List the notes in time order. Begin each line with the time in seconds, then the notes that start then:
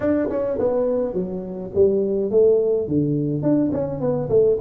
0.00 D4
0.29 C#4
0.58 B3
1.13 F#3
1.75 G3
2.30 A3
2.87 D3
3.42 D4
3.71 C#4
4.00 B3
4.29 A3